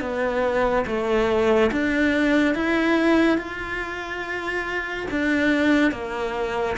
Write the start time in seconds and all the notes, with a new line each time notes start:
0.00 B3
0.86 A3
1.71 D4
2.55 E4
3.38 F4
5.10 D4
5.92 A#3